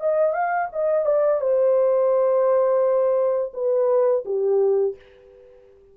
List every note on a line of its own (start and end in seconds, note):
0.00 0.33 D#5
0.33 0.69 F5
0.73 1.06 D#5
1.06 1.41 D5
1.41 3.53 C5
3.54 4.24 B4
4.25 4.96 G4